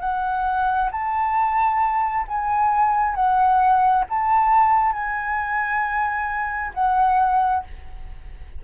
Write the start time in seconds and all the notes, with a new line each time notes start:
0.00 F#5
0.91 A5
2.28 G#5
3.15 F#5
4.09 A5
4.93 G#5
6.74 F#5